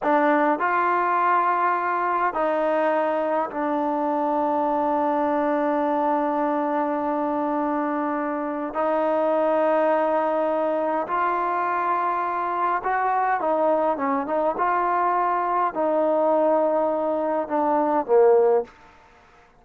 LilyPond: \new Staff \with { instrumentName = "trombone" } { \time 4/4 \tempo 4 = 103 d'4 f'2. | dis'2 d'2~ | d'1~ | d'2. dis'4~ |
dis'2. f'4~ | f'2 fis'4 dis'4 | cis'8 dis'8 f'2 dis'4~ | dis'2 d'4 ais4 | }